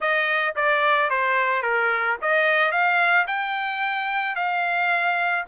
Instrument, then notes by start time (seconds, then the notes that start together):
trumpet
0.00 D#5
0.55 D5
1.10 C5
1.62 A#4
2.21 D#5
2.71 F5
3.27 G5
4.35 F5